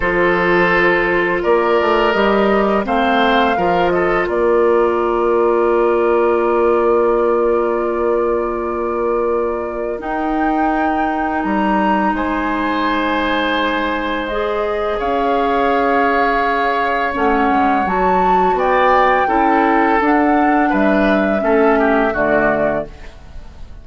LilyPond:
<<
  \new Staff \with { instrumentName = "flute" } { \time 4/4 \tempo 4 = 84 c''2 d''4 dis''4 | f''4. dis''8 d''2~ | d''1~ | d''2 g''2 |
ais''4 gis''2. | dis''4 f''2. | fis''4 a''4 g''2 | fis''4 e''2 d''4 | }
  \new Staff \with { instrumentName = "oboe" } { \time 4/4 a'2 ais'2 | c''4 ais'8 a'8 ais'2~ | ais'1~ | ais'1~ |
ais'4 c''2.~ | c''4 cis''2.~ | cis''2 d''4 a'4~ | a'4 b'4 a'8 g'8 fis'4 | }
  \new Staff \with { instrumentName = "clarinet" } { \time 4/4 f'2. g'4 | c'4 f'2.~ | f'1~ | f'2 dis'2~ |
dis'1 | gis'1 | cis'4 fis'2 e'4 | d'2 cis'4 a4 | }
  \new Staff \with { instrumentName = "bassoon" } { \time 4/4 f2 ais8 a8 g4 | a4 f4 ais2~ | ais1~ | ais2 dis'2 |
g4 gis2.~ | gis4 cis'2. | a8 gis8 fis4 b4 cis'4 | d'4 g4 a4 d4 | }
>>